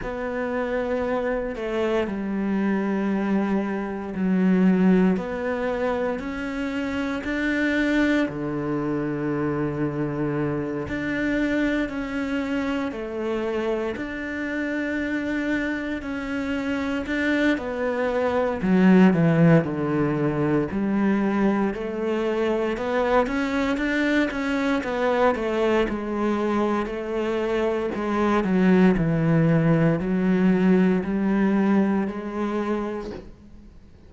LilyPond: \new Staff \with { instrumentName = "cello" } { \time 4/4 \tempo 4 = 58 b4. a8 g2 | fis4 b4 cis'4 d'4 | d2~ d8 d'4 cis'8~ | cis'8 a4 d'2 cis'8~ |
cis'8 d'8 b4 fis8 e8 d4 | g4 a4 b8 cis'8 d'8 cis'8 | b8 a8 gis4 a4 gis8 fis8 | e4 fis4 g4 gis4 | }